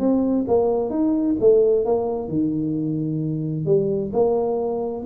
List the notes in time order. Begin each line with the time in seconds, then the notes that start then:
0.00 C4
0.48 A#3
0.90 D#4
1.40 A3
1.85 A#3
2.29 D#3
3.66 G3
4.13 A#3